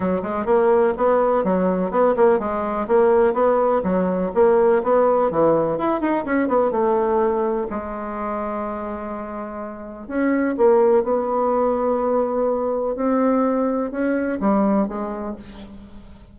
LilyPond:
\new Staff \with { instrumentName = "bassoon" } { \time 4/4 \tempo 4 = 125 fis8 gis8 ais4 b4 fis4 | b8 ais8 gis4 ais4 b4 | fis4 ais4 b4 e4 | e'8 dis'8 cis'8 b8 a2 |
gis1~ | gis4 cis'4 ais4 b4~ | b2. c'4~ | c'4 cis'4 g4 gis4 | }